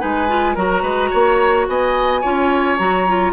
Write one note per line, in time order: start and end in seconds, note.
0.00 0.56 G#3
0.00 0.28 D#4
0.00 0.55 B4
0.00 0.57 G#5
0.29 0.56 F4
0.55 0.83 F#3
0.55 2.24 F#4
0.55 0.83 A#4
0.55 1.68 A#5
0.83 1.11 G#3
0.83 1.10 B4
1.11 1.68 A#3
1.11 1.67 C#5
1.68 2.24 B3
1.68 2.22 D#5
1.68 2.78 G#5
2.22 2.80 C#4
2.22 2.79 F4
2.22 3.33 C#5
2.78 3.33 F#3
2.78 3.07 F#4
2.78 3.33 A#5
3.09 3.33 F4